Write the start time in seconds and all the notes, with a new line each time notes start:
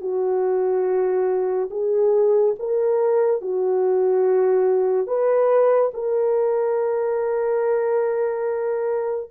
0.00 F#4
1.70 G#4
2.59 A#4
3.41 F#4
5.07 B4
5.93 A#4